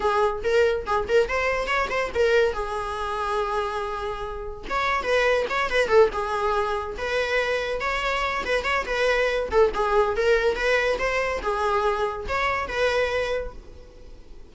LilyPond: \new Staff \with { instrumentName = "viola" } { \time 4/4 \tempo 4 = 142 gis'4 ais'4 gis'8 ais'8 c''4 | cis''8 c''8 ais'4 gis'2~ | gis'2. cis''4 | b'4 cis''8 b'8 a'8 gis'4.~ |
gis'8 b'2 cis''4. | b'8 cis''8 b'4. a'8 gis'4 | ais'4 b'4 c''4 gis'4~ | gis'4 cis''4 b'2 | }